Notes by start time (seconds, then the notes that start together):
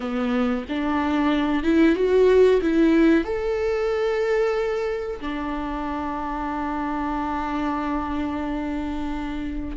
0.00 B3
0.68 D4
1.63 E4
1.95 F#4
2.61 E4
3.24 A4
5.20 D4